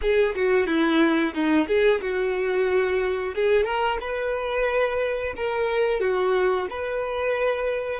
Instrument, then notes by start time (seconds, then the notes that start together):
violin
0.01 G#4
0.35 F#4
0.66 E4
1.33 D#4
1.67 G#4
2.01 F#4
3.34 G#4
3.64 A#4
4.00 B4
5.36 A#4
6.00 F#4
6.70 B4